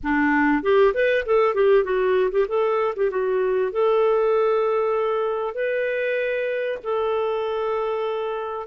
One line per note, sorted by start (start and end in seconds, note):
0.03 0.62 D4
0.62 0.93 G4
0.94 1.25 B4
1.25 1.54 A4
1.54 1.84 G4
1.84 2.30 F#4
2.31 2.46 G4
2.47 2.94 A4
2.96 3.10 G4
3.10 3.72 F#4
3.72 5.54 A4
5.54 6.78 B4
6.83 8.66 A4